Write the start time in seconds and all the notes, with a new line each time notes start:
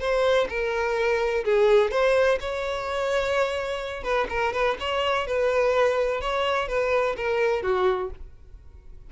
0.00 C5
0.49 A#4
1.45 G#4
1.91 C5
2.40 C#5
4.03 B4
4.30 A#4
4.53 B4
4.80 C#5
5.27 B4
6.21 C#5
6.68 B4
7.17 A#4
7.63 F#4